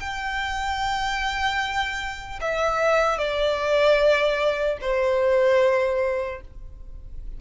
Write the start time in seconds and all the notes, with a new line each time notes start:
0.00 G5
2.41 E5
3.19 D5
4.81 C5